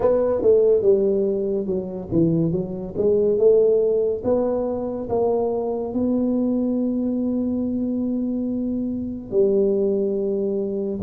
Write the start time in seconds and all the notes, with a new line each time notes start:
0.00 B3
0.41 A3
0.82 G3
1.66 F#3
2.12 E3
2.52 F#3
2.97 G#3
3.38 A3
4.23 B3
5.09 A#3
5.93 B3
9.30 G3